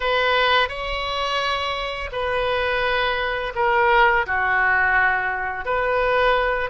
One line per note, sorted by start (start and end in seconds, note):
0.00 0.68 B4
0.68 2.10 C#5
2.12 3.53 B4
3.55 4.25 A#4
4.26 5.65 F#4
5.65 6.69 B4